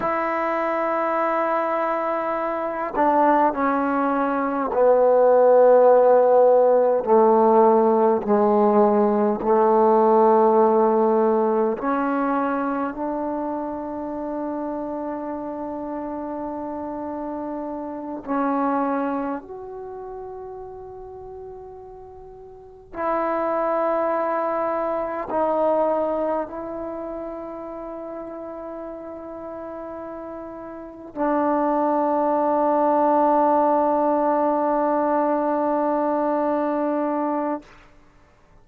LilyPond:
\new Staff \with { instrumentName = "trombone" } { \time 4/4 \tempo 4 = 51 e'2~ e'8 d'8 cis'4 | b2 a4 gis4 | a2 cis'4 d'4~ | d'2.~ d'8 cis'8~ |
cis'8 fis'2. e'8~ | e'4. dis'4 e'4.~ | e'2~ e'8 d'4.~ | d'1 | }